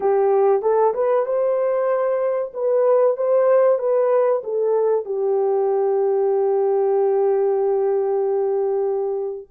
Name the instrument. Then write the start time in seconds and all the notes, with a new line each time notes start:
horn
0.00 G4
0.62 A4
0.94 B4
1.25 C5
2.53 B4
3.16 C5
3.78 B4
4.43 A4
5.05 G4